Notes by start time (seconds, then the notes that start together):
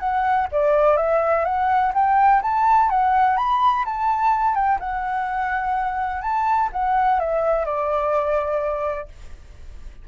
0.00 F#5
0.52 D5
0.97 E5
1.45 F#5
1.94 G5
2.42 A5
2.90 F#5
3.37 B5
3.85 A5
4.55 G5
4.80 F#5
6.22 A5
6.73 F#5
7.20 E5
7.65 D5